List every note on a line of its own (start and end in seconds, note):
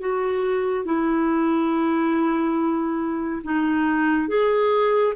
0.00 0.85 F#4
0.85 3.42 E4
3.44 4.28 D#4
4.28 5.14 G#4